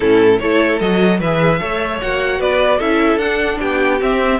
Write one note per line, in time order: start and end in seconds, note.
0.00 0.41 A2
0.00 0.40 C#4
0.00 0.39 E4
0.00 0.39 A4
0.39 0.81 A3
0.39 0.81 E4
0.39 1.19 A4
0.39 0.79 C#5
0.79 1.20 F#3
0.79 1.22 F#4
0.79 1.19 D#5
1.19 1.60 E3
1.19 1.59 G#4
1.19 1.59 B4
1.19 2.00 E5
1.59 2.01 A3
1.59 1.99 A4
1.59 2.39 C#5
2.00 2.39 A#3
2.00 2.79 F#4
2.00 2.40 F#5
2.39 2.79 B3
2.39 2.78 B4
2.39 2.79 D5
2.78 3.16 C#4
2.78 3.19 E4
2.78 3.58 A4
2.78 3.18 E5
3.16 3.56 D4
3.16 3.58 F#5
3.24 4.00 D4
3.59 4.01 B3
3.59 4.39 G4
3.59 4.00 G5
4.00 4.40 C4
4.00 4.40 E5